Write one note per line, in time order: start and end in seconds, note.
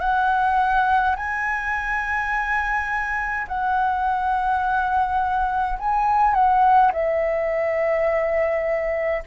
0.00 1.15 F#5
1.16 3.47 G#5
3.48 5.78 F#5
5.79 6.34 G#5
6.34 6.92 F#5
6.93 9.24 E5